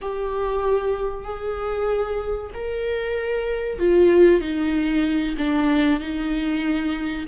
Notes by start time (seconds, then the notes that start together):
0.01 G4
1.24 G#4
2.53 A#4
3.78 F4
4.40 D#4
5.37 D4
6.00 D#4